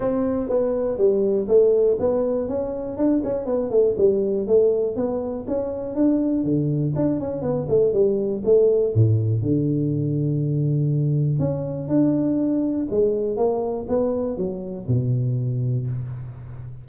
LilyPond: \new Staff \with { instrumentName = "tuba" } { \time 4/4 \tempo 4 = 121 c'4 b4 g4 a4 | b4 cis'4 d'8 cis'8 b8 a8 | g4 a4 b4 cis'4 | d'4 d4 d'8 cis'8 b8 a8 |
g4 a4 a,4 d4~ | d2. cis'4 | d'2 gis4 ais4 | b4 fis4 b,2 | }